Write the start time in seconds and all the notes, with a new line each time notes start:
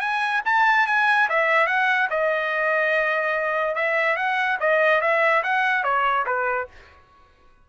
0.00 G#5
0.45 A5
0.87 G#5
1.29 E5
1.66 F#5
2.10 D#5
3.75 E5
4.16 F#5
4.60 D#5
5.01 E5
5.43 F#5
5.84 C#5
6.26 B4